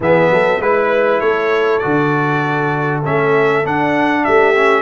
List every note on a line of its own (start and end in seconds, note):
0.00 0.30 E3
0.00 0.61 B3
0.00 0.31 G#4
0.00 0.61 E5
0.30 0.59 F#3
0.30 0.61 A4
0.59 1.19 G#3
0.59 1.81 E4
0.59 1.20 B4
1.20 1.82 A3
1.20 4.23 A4
1.20 1.78 C#5
1.78 3.02 F#4
1.78 2.99 D5
1.84 3.05 D3
3.04 3.65 A3
3.04 3.63 C#4
3.04 3.65 E5
3.63 4.54 D4
3.63 4.26 D4
3.63 4.24 F#5
4.24 4.82 A3
4.24 4.82 G4
4.24 4.82 E5
4.55 4.82 C#4